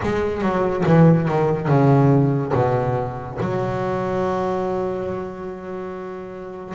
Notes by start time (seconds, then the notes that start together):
0.02 G#3
0.41 F#3
0.86 E3
1.28 D#3
1.67 C#3
2.53 B2
3.40 F#3